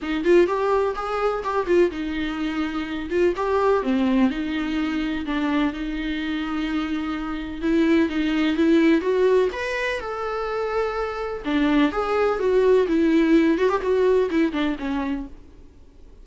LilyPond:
\new Staff \with { instrumentName = "viola" } { \time 4/4 \tempo 4 = 126 dis'8 f'8 g'4 gis'4 g'8 f'8 | dis'2~ dis'8 f'8 g'4 | c'4 dis'2 d'4 | dis'1 |
e'4 dis'4 e'4 fis'4 | b'4 a'2. | d'4 gis'4 fis'4 e'4~ | e'8 fis'16 g'16 fis'4 e'8 d'8 cis'4 | }